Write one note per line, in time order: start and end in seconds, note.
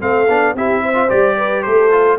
0.00 0.28 A3
0.00 0.27 C4
0.00 0.55 A4
0.00 0.55 F5
0.28 0.54 B3
0.28 0.56 D4
0.54 1.09 C4
0.54 0.94 E4
0.54 0.81 G4
0.54 1.09 E5
0.81 1.36 C5
0.94 1.08 F4
1.09 1.65 G3
1.09 1.91 G4
1.09 1.62 D5
1.37 1.63 B4
1.62 2.18 A3
1.62 2.18 A4
1.62 2.17 C5
1.91 2.18 F4